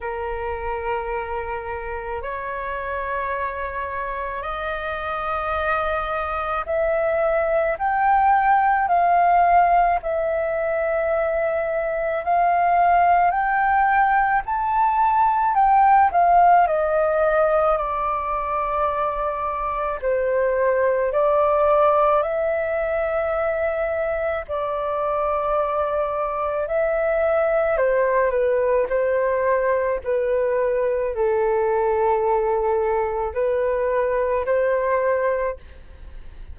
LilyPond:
\new Staff \with { instrumentName = "flute" } { \time 4/4 \tempo 4 = 54 ais'2 cis''2 | dis''2 e''4 g''4 | f''4 e''2 f''4 | g''4 a''4 g''8 f''8 dis''4 |
d''2 c''4 d''4 | e''2 d''2 | e''4 c''8 b'8 c''4 b'4 | a'2 b'4 c''4 | }